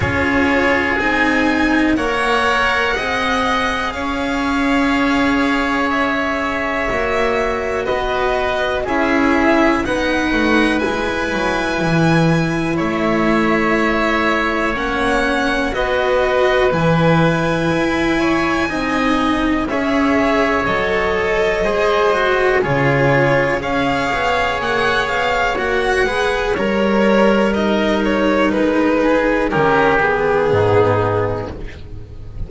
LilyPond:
<<
  \new Staff \with { instrumentName = "violin" } { \time 4/4 \tempo 4 = 61 cis''4 gis''4 fis''2 | f''2 e''2 | dis''4 e''4 fis''4 gis''4~ | gis''4 e''2 fis''4 |
dis''4 gis''2. | e''4 dis''2 cis''4 | f''4 fis''8 f''8 fis''4 cis''4 | dis''8 cis''8 b'4 ais'8 gis'4. | }
  \new Staff \with { instrumentName = "oboe" } { \time 4/4 gis'2 cis''4 dis''4 | cis''1 | b'4 gis'4 b'2~ | b'4 cis''2. |
b'2~ b'8 cis''8 dis''4 | cis''2 c''4 gis'4 | cis''2~ cis''8 b'8 ais'4~ | ais'4. gis'8 g'4 dis'4 | }
  \new Staff \with { instrumentName = "cello" } { \time 4/4 f'4 dis'4 ais'4 gis'4~ | gis'2. fis'4~ | fis'4 e'4 dis'4 e'4~ | e'2. cis'4 |
fis'4 e'2 dis'4 | gis'4 a'4 gis'8 fis'8 f'4 | gis'2 fis'8 gis'8 ais'4 | dis'2 cis'8 b4. | }
  \new Staff \with { instrumentName = "double bass" } { \time 4/4 cis'4 c'4 ais4 c'4 | cis'2. ais4 | b4 cis'4 b8 a8 gis8 fis8 | e4 a2 ais4 |
b4 e4 e'4 c'4 | cis'4 fis4 gis4 cis4 | cis'8 b8 ais8 b8 ais8 gis8 g4~ | g4 gis4 dis4 gis,4 | }
>>